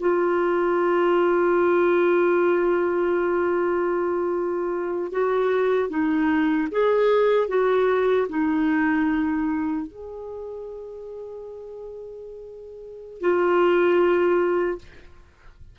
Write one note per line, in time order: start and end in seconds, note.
0.00 5.12 F4
5.12 5.89 F#4
5.89 6.68 D#4
6.71 7.48 G#4
7.48 8.27 F#4
8.29 9.87 D#4
9.87 13.21 G#4
13.21 14.78 F4